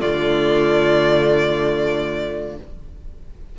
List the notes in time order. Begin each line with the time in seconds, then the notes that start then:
0.00 D3 A3 F4 D5